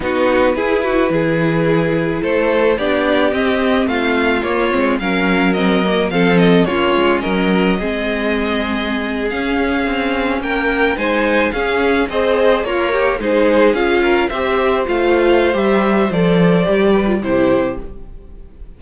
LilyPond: <<
  \new Staff \with { instrumentName = "violin" } { \time 4/4 \tempo 4 = 108 b'1 | c''4 d''4 dis''4 f''4 | cis''4 f''4 dis''4 f''8 dis''8 | cis''4 dis''2.~ |
dis''8. f''2 g''4 gis''16~ | gis''8. f''4 dis''4 cis''4 c''16~ | c''8. f''4 e''4 f''4~ f''16 | e''4 d''2 c''4 | }
  \new Staff \with { instrumentName = "violin" } { \time 4/4 fis'4 gis'8 fis'8 gis'2 | a'4 g'2 f'4~ | f'4 ais'2 a'4 | f'4 ais'4 gis'2~ |
gis'2~ gis'8. ais'4 c''16~ | c''8. gis'4 c''4 f'8 g'8 gis'16~ | gis'4~ gis'16 ais'8 c''2~ c''16~ | c''2~ c''8 b'8 g'4 | }
  \new Staff \with { instrumentName = "viola" } { \time 4/4 dis'4 e'2.~ | e'4 d'4 c'2 | ais8 c'8 cis'4 c'8 ais8 c'4 | cis'2 c'2~ |
c'8. cis'2. dis'16~ | dis'8. cis'4 gis'4 ais'4 dis'16~ | dis'8. f'4 g'4 f'4~ f'16 | g'4 a'4 g'8. f'16 e'4 | }
  \new Staff \with { instrumentName = "cello" } { \time 4/4 b4 e'4 e2 | a4 b4 c'4 a4 | ais8 gis8 fis2 f4 | ais8 gis8 fis4 gis2~ |
gis8. cis'4 c'4 ais4 gis16~ | gis8. cis'4 c'4 ais4 gis16~ | gis8. cis'4 c'4 a4~ a16 | g4 f4 g4 c4 | }
>>